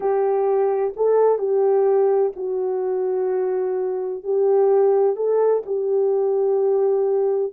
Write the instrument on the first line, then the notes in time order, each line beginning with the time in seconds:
horn
0.00 G4
0.96 A4
1.38 G4
2.36 F#4
4.23 G4
5.16 A4
5.66 G4